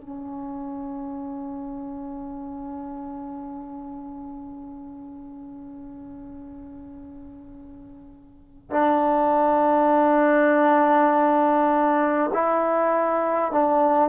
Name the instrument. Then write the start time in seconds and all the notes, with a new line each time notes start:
trombone
0.00 C#4
8.71 D4
12.33 E4
13.51 D4